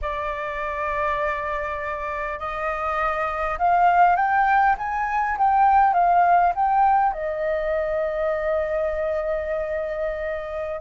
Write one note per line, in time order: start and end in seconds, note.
0.01 2.39 D5
2.39 3.58 D#5
3.58 4.16 F5
4.16 4.75 G5
4.78 5.37 G#5
5.38 5.93 G5
5.93 6.53 F5
6.55 7.12 G5
7.12 10.80 D#5